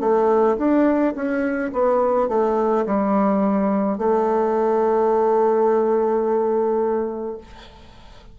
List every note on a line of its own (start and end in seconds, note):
0.00 0.57 A3
0.58 1.14 D4
1.15 1.71 C#4
1.72 2.28 B3
2.28 2.85 A3
2.86 3.98 G3
3.98 7.37 A3